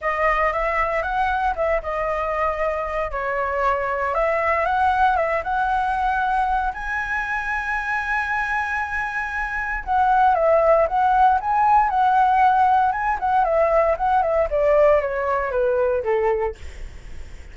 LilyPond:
\new Staff \with { instrumentName = "flute" } { \time 4/4 \tempo 4 = 116 dis''4 e''4 fis''4 e''8 dis''8~ | dis''2 cis''2 | e''4 fis''4 e''8 fis''4.~ | fis''4 gis''2.~ |
gis''2. fis''4 | e''4 fis''4 gis''4 fis''4~ | fis''4 gis''8 fis''8 e''4 fis''8 e''8 | d''4 cis''4 b'4 a'4 | }